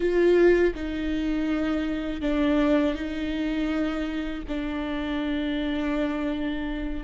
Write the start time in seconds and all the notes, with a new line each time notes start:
0.00 F4
0.74 D#4
2.21 D4
2.94 D#4
4.47 D4